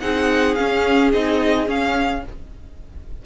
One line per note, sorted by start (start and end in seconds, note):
0.00 0.57 C4
0.00 0.57 D#4
0.00 2.23 G#4
0.00 0.55 F#5
0.55 1.13 C#4
0.55 1.11 F5
1.13 1.68 C4
1.13 1.67 D#4
1.13 1.69 D#5
1.67 2.22 C#4
1.67 2.24 C#4
1.67 2.25 F5